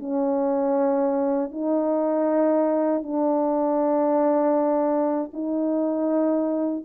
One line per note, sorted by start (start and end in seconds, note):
0.00 1.52 C#4
1.52 3.03 D#4
3.03 5.31 D4
5.34 6.85 D#4